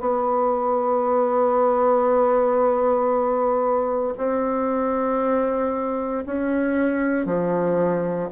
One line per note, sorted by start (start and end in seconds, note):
0.00 4.14 B3
4.17 6.24 C4
6.25 7.25 C#4
7.25 8.29 F3